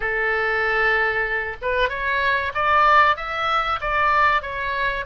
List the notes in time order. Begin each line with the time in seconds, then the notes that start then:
0.00 A4
1.61 B4
1.89 C#5
2.54 D5
3.16 E5
3.81 D5
4.42 C#5